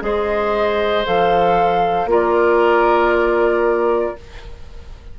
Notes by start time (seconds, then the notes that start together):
0.00 G#3 G#4 C5 D#5
1.05 F3 A4 F5
2.05 A#3 F4 A#4
2.12 D5